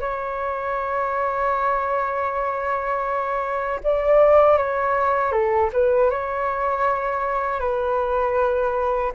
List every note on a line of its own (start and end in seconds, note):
0.00 3.80 C#5
3.83 4.57 D5
4.57 5.32 C#5
5.32 5.70 A4
5.72 6.10 B4
6.10 7.60 C#5
7.60 9.12 B4